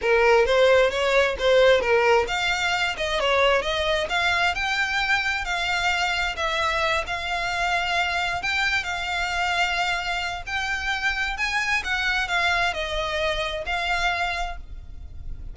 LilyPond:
\new Staff \with { instrumentName = "violin" } { \time 4/4 \tempo 4 = 132 ais'4 c''4 cis''4 c''4 | ais'4 f''4. dis''8 cis''4 | dis''4 f''4 g''2 | f''2 e''4. f''8~ |
f''2~ f''8 g''4 f''8~ | f''2. g''4~ | g''4 gis''4 fis''4 f''4 | dis''2 f''2 | }